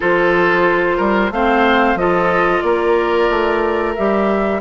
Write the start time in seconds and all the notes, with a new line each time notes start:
0.00 F3 F4 A4 C5
0.97 G3 A#4
1.30 A3 C4 C5 F5
1.95 F3 F4 A4 D#5
2.61 A#3 A#4 D5
3.29 A3
3.95 G3 G4 E5